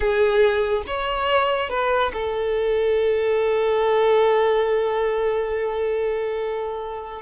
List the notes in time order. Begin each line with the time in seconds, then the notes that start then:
0.00 G#4
0.86 C#5
1.69 B4
2.13 A4